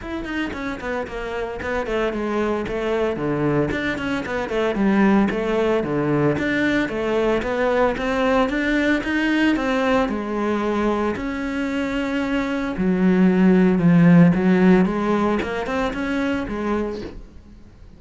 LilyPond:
\new Staff \with { instrumentName = "cello" } { \time 4/4 \tempo 4 = 113 e'8 dis'8 cis'8 b8 ais4 b8 a8 | gis4 a4 d4 d'8 cis'8 | b8 a8 g4 a4 d4 | d'4 a4 b4 c'4 |
d'4 dis'4 c'4 gis4~ | gis4 cis'2. | fis2 f4 fis4 | gis4 ais8 c'8 cis'4 gis4 | }